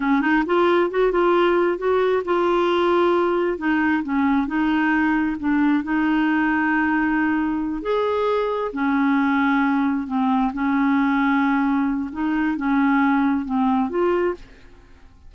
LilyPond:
\new Staff \with { instrumentName = "clarinet" } { \time 4/4 \tempo 4 = 134 cis'8 dis'8 f'4 fis'8 f'4. | fis'4 f'2. | dis'4 cis'4 dis'2 | d'4 dis'2.~ |
dis'4. gis'2 cis'8~ | cis'2~ cis'8 c'4 cis'8~ | cis'2. dis'4 | cis'2 c'4 f'4 | }